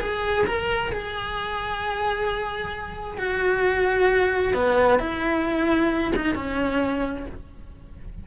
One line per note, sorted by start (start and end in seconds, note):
0.00 0.45 G#4
0.46 0.92 A#4
0.92 3.18 G#4
3.18 4.54 F#4
4.54 4.99 B3
4.99 6.13 E4
6.15 6.35 D#4
6.35 7.26 C#4